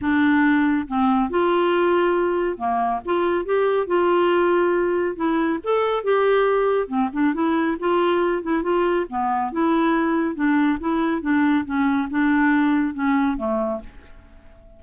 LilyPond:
\new Staff \with { instrumentName = "clarinet" } { \time 4/4 \tempo 4 = 139 d'2 c'4 f'4~ | f'2 ais4 f'4 | g'4 f'2. | e'4 a'4 g'2 |
c'8 d'8 e'4 f'4. e'8 | f'4 b4 e'2 | d'4 e'4 d'4 cis'4 | d'2 cis'4 a4 | }